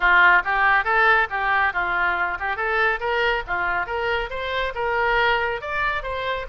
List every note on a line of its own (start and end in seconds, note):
0.00 0.42 F4
0.44 0.84 G4
0.84 1.27 A4
1.30 1.73 G4
1.73 2.37 F4
2.39 2.56 G4
2.56 2.99 A4
3.00 3.43 A#4
3.47 3.86 F4
3.86 4.29 A#4
4.30 4.73 C5
4.74 5.61 A#4
5.61 6.02 D5
6.02 6.45 C5